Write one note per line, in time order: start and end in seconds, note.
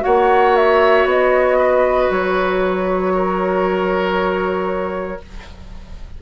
0.00 5.17 F#4
0.00 1.58 C#5
0.00 0.56 F#5
0.06 1.05 A#3
0.56 1.08 E5
1.05 2.09 B3
1.05 2.11 D#5
1.58 3.13 B4
2.10 5.20 F#3
2.10 5.22 C#5
3.15 5.22 A#4